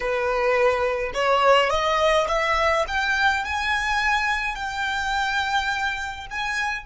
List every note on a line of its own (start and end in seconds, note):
0.00 1.12 B4
1.14 1.70 C#5
1.70 2.27 D#5
2.28 2.85 E5
2.87 3.44 G5
3.44 4.55 G#5
4.55 6.26 G5
6.30 6.85 G#5